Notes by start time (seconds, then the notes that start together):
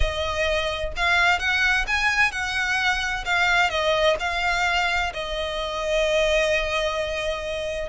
0.00 D#5
0.96 F5
1.39 F#5
1.87 G#5
2.31 F#5
3.25 F5
3.70 D#5
4.19 F5
5.13 D#5